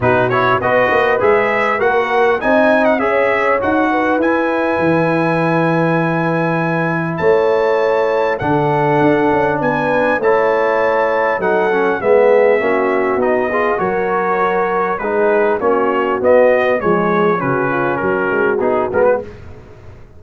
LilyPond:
<<
  \new Staff \with { instrumentName = "trumpet" } { \time 4/4 \tempo 4 = 100 b'8 cis''8 dis''4 e''4 fis''4 | gis''8. fis''16 e''4 fis''4 gis''4~ | gis''1 | a''2 fis''2 |
gis''4 a''2 fis''4 | e''2 dis''4 cis''4~ | cis''4 b'4 cis''4 dis''4 | cis''4 b'4 ais'4 gis'8 ais'16 b'16 | }
  \new Staff \with { instrumentName = "horn" } { \time 4/4 fis'4 b'2 ais'4 | dis''4 cis''4. b'4.~ | b'1 | cis''2 a'2 |
b'4 cis''2 a'4 | gis'4 fis'4. gis'8 ais'4~ | ais'4 gis'4 fis'2 | gis'4 fis'8 f'8 fis'2 | }
  \new Staff \with { instrumentName = "trombone" } { \time 4/4 dis'8 e'8 fis'4 gis'4 fis'4 | dis'4 gis'4 fis'4 e'4~ | e'1~ | e'2 d'2~ |
d'4 e'2 dis'8 cis'8 | b4 cis'4 dis'8 f'8 fis'4~ | fis'4 dis'4 cis'4 b4 | gis4 cis'2 dis'8 b8 | }
  \new Staff \with { instrumentName = "tuba" } { \time 4/4 b,4 b8 ais8 gis4 ais4 | c'4 cis'4 dis'4 e'4 | e1 | a2 d4 d'8 cis'8 |
b4 a2 fis4 | gis4 ais4 b4 fis4~ | fis4 gis4 ais4 b4 | f4 cis4 fis8 gis8 b8 gis8 | }
>>